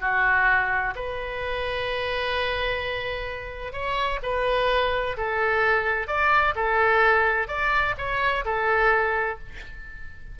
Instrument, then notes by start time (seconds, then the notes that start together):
oboe
0.00 F#4
0.95 B4
3.72 C#5
4.23 B4
5.16 A4
6.07 D5
6.55 A4
7.47 D5
7.98 C#5
8.45 A4